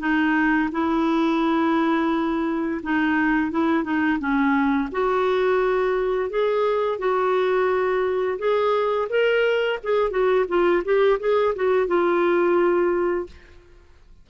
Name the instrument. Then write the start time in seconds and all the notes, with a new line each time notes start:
clarinet
0.00 D#4
0.72 E4
2.84 D#4
3.51 E4
3.84 D#4
4.20 C#4
4.92 F#4
6.30 G#4
6.99 F#4
8.39 G#4
9.10 A#4
9.84 G#4
10.11 F#4
10.48 F4
10.85 G4
11.20 G#4
11.56 F#4
11.88 F4